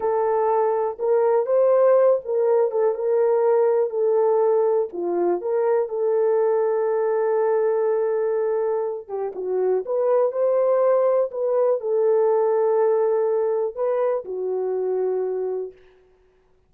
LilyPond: \new Staff \with { instrumentName = "horn" } { \time 4/4 \tempo 4 = 122 a'2 ais'4 c''4~ | c''8 ais'4 a'8 ais'2 | a'2 f'4 ais'4 | a'1~ |
a'2~ a'8 g'8 fis'4 | b'4 c''2 b'4 | a'1 | b'4 fis'2. | }